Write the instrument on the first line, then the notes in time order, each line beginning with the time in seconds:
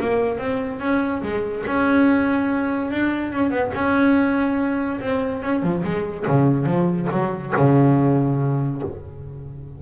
double bass
0.00 A#3
0.38 C4
0.80 C#4
1.22 G#3
1.67 C#4
2.91 D4
3.32 C#4
3.51 B3
3.74 C#4
5.00 C4
5.43 C#4
5.63 F3
5.84 G#3
6.27 C#3
6.66 F3
7.11 F#3
7.56 C#3